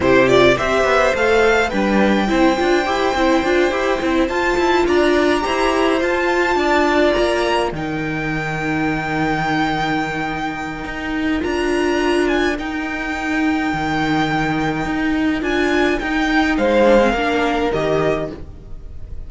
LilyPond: <<
  \new Staff \with { instrumentName = "violin" } { \time 4/4 \tempo 4 = 105 c''8 d''8 e''4 f''4 g''4~ | g''2.~ g''8 a''8~ | a''8 ais''2 a''4.~ | a''8 ais''4 g''2~ g''8~ |
g''1 | ais''4. gis''8 g''2~ | g''2. gis''4 | g''4 f''2 dis''4 | }
  \new Staff \with { instrumentName = "violin" } { \time 4/4 g'4 c''2 b'4 | c''1~ | c''8 d''4 c''2 d''8~ | d''4. ais'2~ ais'8~ |
ais'1~ | ais'1~ | ais'1~ | ais'4 c''4 ais'2 | }
  \new Staff \with { instrumentName = "viola" } { \time 4/4 e'8 f'8 g'4 a'4 d'4 | e'8 f'8 g'8 e'8 f'8 g'8 e'8 f'8~ | f'4. g'4 f'4.~ | f'4. dis'2~ dis'8~ |
dis'1 | f'2 dis'2~ | dis'2. f'4 | dis'4. d'16 c'16 d'4 g'4 | }
  \new Staff \with { instrumentName = "cello" } { \time 4/4 c4 c'8 b8 a4 g4 | c'8 d'8 e'8 c'8 d'8 e'8 c'8 f'8 | e'8 d'4 e'4 f'4 d'8~ | d'8 ais4 dis2~ dis8~ |
dis2. dis'4 | d'2 dis'2 | dis2 dis'4 d'4 | dis'4 gis4 ais4 dis4 | }
>>